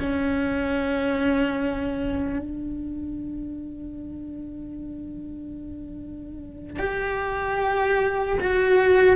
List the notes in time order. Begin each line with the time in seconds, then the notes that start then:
0.00 C#4
2.39 D4
6.79 G4
8.40 F#4